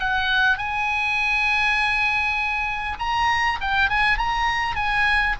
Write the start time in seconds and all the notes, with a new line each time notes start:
0.00 F#5
0.58 G#5
2.99 A#5
3.61 G5
3.90 G#5
4.18 A#5
4.76 G#5